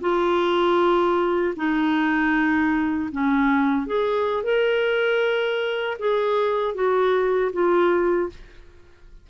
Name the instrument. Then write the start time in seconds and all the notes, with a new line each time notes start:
clarinet
0.00 F4
1.56 D#4
3.12 C#4
3.86 G#4
4.43 A#4
5.99 G#4
6.74 F#4
7.52 F4